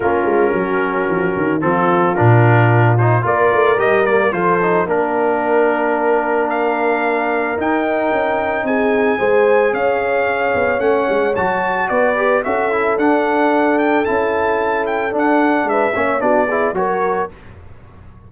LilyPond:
<<
  \new Staff \with { instrumentName = "trumpet" } { \time 4/4 \tempo 4 = 111 ais'2. a'4 | ais'4. c''8 d''4 dis''8 d''8 | c''4 ais'2. | f''2 g''2 |
gis''2 f''2 | fis''4 a''4 d''4 e''4 | fis''4. g''8 a''4. g''8 | fis''4 e''4 d''4 cis''4 | }
  \new Staff \with { instrumentName = "horn" } { \time 4/4 f'4 fis'2 f'4~ | f'2 ais'2 | a'4 ais'2.~ | ais'1 |
gis'4 c''4 cis''2~ | cis''2 b'4 a'4~ | a'1~ | a'4 b'8 cis''8 fis'8 gis'8 ais'4 | }
  \new Staff \with { instrumentName = "trombone" } { \time 4/4 cis'2. c'4 | d'4. dis'8 f'4 g'8 ais8 | f'8 dis'8 d'2.~ | d'2 dis'2~ |
dis'4 gis'2. | cis'4 fis'4. g'8 fis'8 e'8 | d'2 e'2 | d'4. cis'8 d'8 e'8 fis'4 | }
  \new Staff \with { instrumentName = "tuba" } { \time 4/4 ais8 gis8 fis4 f8 dis8 f4 | ais,2 ais8 a8 g4 | f4 ais2.~ | ais2 dis'4 cis'4 |
c'4 gis4 cis'4. b8 | a8 gis8 fis4 b4 cis'4 | d'2 cis'2 | d'4 gis8 ais8 b4 fis4 | }
>>